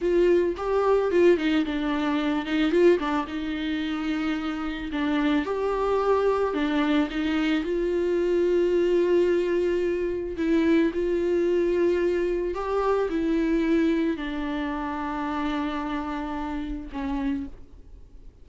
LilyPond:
\new Staff \with { instrumentName = "viola" } { \time 4/4 \tempo 4 = 110 f'4 g'4 f'8 dis'8 d'4~ | d'8 dis'8 f'8 d'8 dis'2~ | dis'4 d'4 g'2 | d'4 dis'4 f'2~ |
f'2. e'4 | f'2. g'4 | e'2 d'2~ | d'2. cis'4 | }